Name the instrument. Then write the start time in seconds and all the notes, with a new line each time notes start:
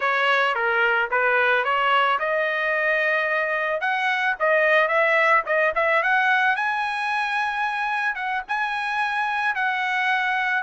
trumpet
0.00 C#5
0.54 A#4
1.11 B4
1.64 C#5
2.19 D#5
3.80 F#5
4.39 D#5
4.88 E5
5.45 D#5
5.75 E5
6.02 F#5
6.56 G#5
8.15 F#5
8.47 G#5
9.55 F#5